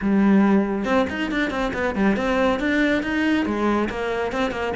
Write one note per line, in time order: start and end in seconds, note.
0.01 0.85 G3
0.85 1.06 C4
1.09 1.31 D#4
1.31 1.50 D4
1.50 1.71 C4
1.73 1.95 B3
1.95 2.16 G3
2.16 2.59 C4
2.59 3.02 D4
3.03 3.45 D#4
3.45 3.88 G#3
3.89 4.32 A#3
4.32 4.51 C4
4.51 4.73 A#3